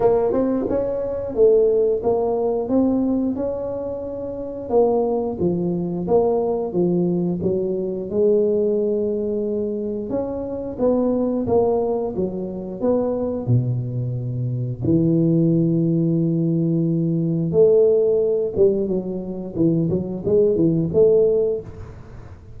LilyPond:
\new Staff \with { instrumentName = "tuba" } { \time 4/4 \tempo 4 = 89 ais8 c'8 cis'4 a4 ais4 | c'4 cis'2 ais4 | f4 ais4 f4 fis4 | gis2. cis'4 |
b4 ais4 fis4 b4 | b,2 e2~ | e2 a4. g8 | fis4 e8 fis8 gis8 e8 a4 | }